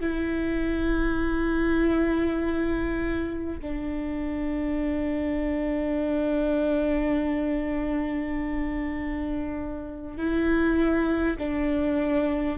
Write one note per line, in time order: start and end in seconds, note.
0.00 3.60 E4
3.61 10.17 D4
10.17 11.37 E4
11.39 12.58 D4